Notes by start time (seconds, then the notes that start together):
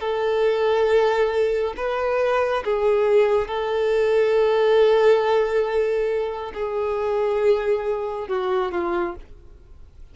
0.00 A4
1.77 B4
2.64 G#4
3.48 A4
6.54 G#4
8.28 F#4
8.72 F4